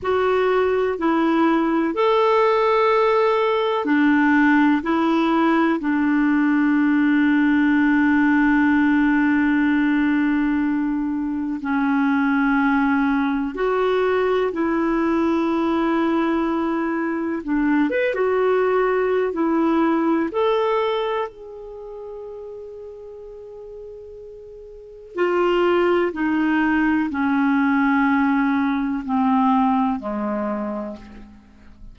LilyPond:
\new Staff \with { instrumentName = "clarinet" } { \time 4/4 \tempo 4 = 62 fis'4 e'4 a'2 | d'4 e'4 d'2~ | d'1 | cis'2 fis'4 e'4~ |
e'2 d'8 b'16 fis'4~ fis'16 | e'4 a'4 gis'2~ | gis'2 f'4 dis'4 | cis'2 c'4 gis4 | }